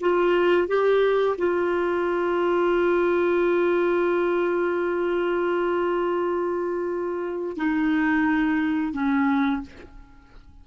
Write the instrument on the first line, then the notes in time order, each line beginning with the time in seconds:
clarinet
0.00 F4
0.67 G4
1.37 F4
7.57 D#4
8.92 C#4